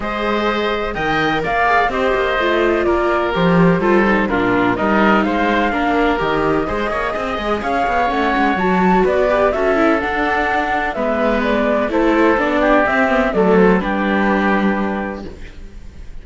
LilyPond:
<<
  \new Staff \with { instrumentName = "flute" } { \time 4/4 \tempo 4 = 126 dis''2 g''4 f''4 | dis''2 d''4 c''4~ | c''4 ais'4 dis''4 f''4~ | f''4 dis''2. |
f''4 fis''4 a''4 d''4 | e''4 fis''2 e''4 | d''4 c''4 d''4 e''4 | d''8 c''8 b'2. | }
  \new Staff \with { instrumentName = "oboe" } { \time 4/4 c''2 dis''4 d''4 | c''2 ais'2 | a'4 f'4 ais'4 c''4 | ais'2 c''8 cis''8 dis''4 |
cis''2. b'4 | a'2. b'4~ | b'4 a'4. g'4. | a'4 g'2. | }
  \new Staff \with { instrumentName = "viola" } { \time 4/4 gis'2 ais'4. gis'8 | g'4 f'2 g'4 | f'8 dis'8 d'4 dis'2 | d'4 g'4 gis'2~ |
gis'4 cis'4 fis'4. g'8 | fis'8 e'8 d'2 b4~ | b4 e'4 d'4 c'8 b8 | a4 d'2. | }
  \new Staff \with { instrumentName = "cello" } { \time 4/4 gis2 dis4 ais4 | c'8 ais8 a4 ais4 f4 | g4 ais,4 g4 gis4 | ais4 dis4 gis8 ais8 c'8 gis8 |
cis'8 b8 a8 gis8 fis4 b4 | cis'4 d'2 gis4~ | gis4 a4 b4 c'4 | fis4 g2. | }
>>